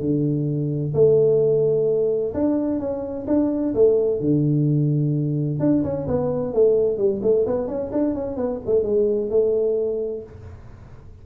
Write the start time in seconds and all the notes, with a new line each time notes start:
0.00 D3
0.94 A3
2.34 D4
2.79 C#4
3.27 D4
3.74 A3
4.20 D3
5.59 D4
5.83 C#4
6.07 B3
6.53 A3
6.97 G3
7.22 A3
7.46 B3
7.67 C#4
7.92 D4
8.14 C#4
8.36 B3
8.66 A3
8.83 G#3
9.30 A3